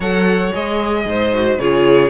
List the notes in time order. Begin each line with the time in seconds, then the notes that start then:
0.00 F#3 A4 C#5 F#5
0.52 G#3 G#4 D#5
1.05 G#2 C5
1.33 F#4
1.58 C#3 F4 G#4 C#5